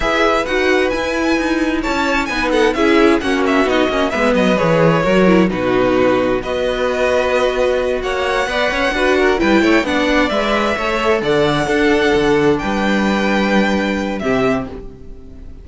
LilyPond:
<<
  \new Staff \with { instrumentName = "violin" } { \time 4/4 \tempo 4 = 131 e''4 fis''4 gis''2 | a''4 gis''8 fis''8 e''4 fis''8 e''8 | dis''4 e''8 dis''8 cis''2 | b'2 dis''2~ |
dis''4. fis''2~ fis''8~ | fis''8 g''4 fis''4 e''4.~ | e''8 fis''2. g''8~ | g''2. e''4 | }
  \new Staff \with { instrumentName = "violin" } { \time 4/4 b'1 | cis''4 b'8 a'8 gis'4 fis'4~ | fis'4 b'2 ais'4 | fis'2 b'2~ |
b'4. cis''4 d''8 cis''8 b'8 | ais'8 b'8 cis''8 d''2 cis''8~ | cis''8 d''4 a'2 b'8~ | b'2. g'4 | }
  \new Staff \with { instrumentName = "viola" } { \time 4/4 gis'4 fis'4 e'2~ | e'4 dis'4 e'4 cis'4 | dis'8 cis'8 b4 gis'4 fis'8 e'8 | dis'2 fis'2~ |
fis'2~ fis'8 b'4 fis'8~ | fis'8 e'4 d'4 b'4 a'8~ | a'4. d'2~ d'8~ | d'2. c'4 | }
  \new Staff \with { instrumentName = "cello" } { \time 4/4 e'4 dis'4 e'4 dis'4 | cis'4 b4 cis'4 ais4 | b8 ais8 gis8 fis8 e4 fis4 | b,2 b2~ |
b4. ais4 b8 cis'8 d'8~ | d'8 g8 a8 b4 gis4 a8~ | a8 d4 d'4 d4 g8~ | g2. c4 | }
>>